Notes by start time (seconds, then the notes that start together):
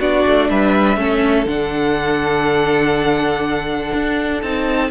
0.00 B3 D4 F#4 D5
0.26 A3
0.50 G3 B4 E5
0.97 A3 C#4 A4
1.46 D3 D4 F#5
3.94 D4
4.43 C4 D#4 A5